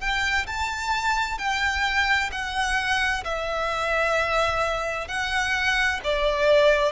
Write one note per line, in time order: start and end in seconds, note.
0.00 0.46 G5
0.47 1.38 A5
1.38 2.30 G5
2.32 3.24 F#5
3.24 5.08 E5
5.08 6.00 F#5
6.03 6.92 D5